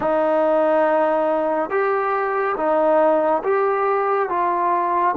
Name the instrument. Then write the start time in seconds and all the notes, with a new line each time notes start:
trombone
0.00 D#4
1.69 G4
2.56 D#4
3.43 G4
4.29 F4